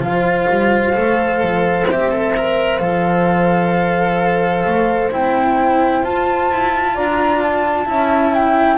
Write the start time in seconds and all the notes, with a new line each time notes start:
0.00 F3 F4 C5 F5
0.50 G3
0.93 A3 A4
1.42 F3
1.87 C4 G4 E5
2.11 A4
2.37 A#4
2.79 F3 A4 F5
4.66 A3
5.11 C4 E4 G5
6.03 F4 A5
6.51 E4
6.94 D4 D5 A#5
7.42 A5
7.86 C#4 E4 E5
8.35 G5